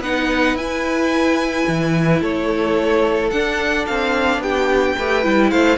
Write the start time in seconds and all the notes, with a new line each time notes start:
0.00 B3 D#4 B4 F#5
0.54 E4 G#5
1.68 E3
2.21 A3 A4 C#5
3.31 D4 F#5
3.86 C4 F5
4.39 B3 G4 G5
4.97 A3 G4 B4
5.23 G3 E4
5.50 A3 C5 F5